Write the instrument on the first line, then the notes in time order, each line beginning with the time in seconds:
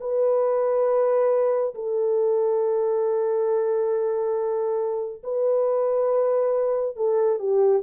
horn
0.00 B4
1.74 A4
5.23 B4
6.96 A4
7.39 G4